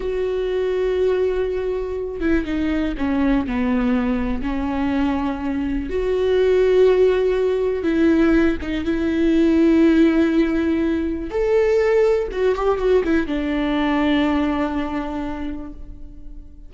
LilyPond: \new Staff \with { instrumentName = "viola" } { \time 4/4 \tempo 4 = 122 fis'1~ | fis'8 e'8 dis'4 cis'4 b4~ | b4 cis'2. | fis'1 |
e'4. dis'8 e'2~ | e'2. a'4~ | a'4 fis'8 g'8 fis'8 e'8 d'4~ | d'1 | }